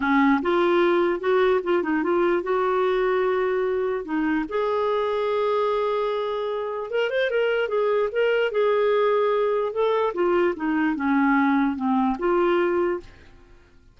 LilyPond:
\new Staff \with { instrumentName = "clarinet" } { \time 4/4 \tempo 4 = 148 cis'4 f'2 fis'4 | f'8 dis'8 f'4 fis'2~ | fis'2 dis'4 gis'4~ | gis'1~ |
gis'4 ais'8 c''8 ais'4 gis'4 | ais'4 gis'2. | a'4 f'4 dis'4 cis'4~ | cis'4 c'4 f'2 | }